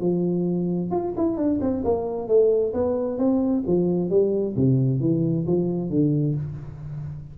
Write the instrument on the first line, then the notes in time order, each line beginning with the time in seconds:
tuba
0.00 F3
0.91 F4
1.17 E4
1.36 D4
1.61 C4
1.84 A#3
2.27 A3
2.73 B3
3.18 C4
3.66 F3
4.09 G3
4.56 C3
5.00 E3
5.46 F3
5.89 D3